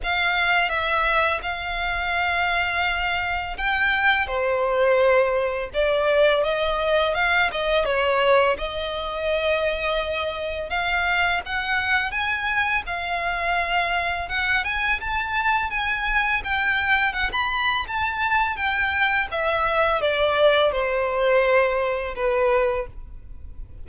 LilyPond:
\new Staff \with { instrumentName = "violin" } { \time 4/4 \tempo 4 = 84 f''4 e''4 f''2~ | f''4 g''4 c''2 | d''4 dis''4 f''8 dis''8 cis''4 | dis''2. f''4 |
fis''4 gis''4 f''2 | fis''8 gis''8 a''4 gis''4 g''4 | fis''16 b''8. a''4 g''4 e''4 | d''4 c''2 b'4 | }